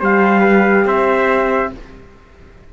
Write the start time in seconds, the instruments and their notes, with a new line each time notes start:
0.00 cello G3, horn G4, trumpet C5 F5
0.41 trumpet B4
0.85 cello C4, trumpet C5 E5